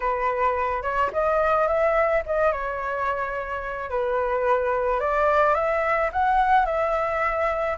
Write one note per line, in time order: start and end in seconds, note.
0.00 0.82 B4
0.82 1.10 C#5
1.12 1.67 D#5
1.67 2.22 E5
2.26 2.52 D#5
2.52 3.90 C#5
3.90 4.99 B4
4.99 5.54 D5
5.54 6.10 E5
6.12 6.65 F#5
6.65 7.77 E5